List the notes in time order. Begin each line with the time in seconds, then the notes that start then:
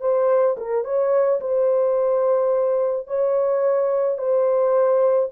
0.00 C5
0.57 A#4
0.84 C#5
1.40 C5
3.07 C#5
4.18 C5